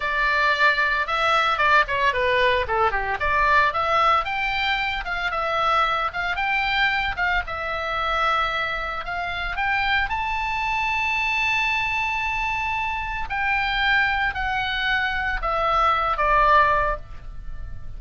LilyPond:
\new Staff \with { instrumentName = "oboe" } { \time 4/4 \tempo 4 = 113 d''2 e''4 d''8 cis''8 | b'4 a'8 g'8 d''4 e''4 | g''4. f''8 e''4. f''8 | g''4. f''8 e''2~ |
e''4 f''4 g''4 a''4~ | a''1~ | a''4 g''2 fis''4~ | fis''4 e''4. d''4. | }